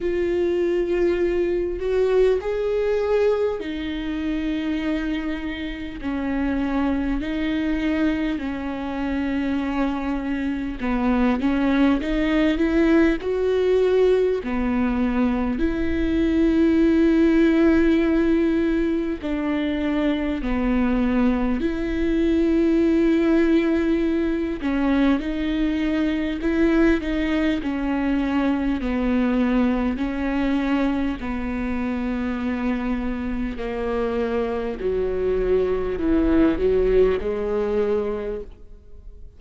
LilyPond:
\new Staff \with { instrumentName = "viola" } { \time 4/4 \tempo 4 = 50 f'4. fis'8 gis'4 dis'4~ | dis'4 cis'4 dis'4 cis'4~ | cis'4 b8 cis'8 dis'8 e'8 fis'4 | b4 e'2. |
d'4 b4 e'2~ | e'8 cis'8 dis'4 e'8 dis'8 cis'4 | b4 cis'4 b2 | ais4 fis4 e8 fis8 gis4 | }